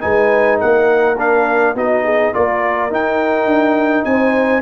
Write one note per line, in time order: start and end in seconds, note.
0.00 0.62 G#3
0.00 1.15 D#4
0.00 0.59 B4
0.00 0.59 G#5
0.59 1.75 A#3
0.59 1.75 A#4
0.59 1.18 F#5
1.17 1.75 D4
1.17 1.77 F5
1.75 2.32 B3
1.75 2.33 D#4
1.75 2.04 F#4
1.75 2.34 D#5
2.04 2.33 G#4
2.33 2.91 A#3
2.33 2.90 F4
2.33 4.08 A#4
2.33 2.92 D5
2.90 4.62 D#4
2.90 3.45 D#4
2.90 4.04 G5
3.45 4.03 D4
4.04 4.62 C4
4.04 4.62 C5
4.04 4.62 G#5